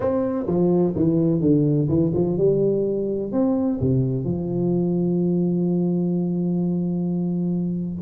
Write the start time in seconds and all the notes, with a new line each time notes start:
0.00 C4
0.46 F3
0.95 E3
1.40 D3
1.88 E3
2.14 F3
2.37 G3
3.32 C4
3.80 C3
4.24 F3